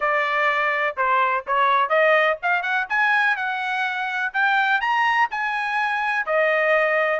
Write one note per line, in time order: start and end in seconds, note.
0.00 0.96 D5
0.96 1.44 C5
1.46 1.89 C#5
1.89 2.37 D#5
2.42 2.62 F5
2.62 2.86 F#5
2.89 3.36 G#5
3.36 4.32 F#5
4.33 4.80 G5
4.80 5.28 A#5
5.31 6.26 G#5
6.26 7.20 D#5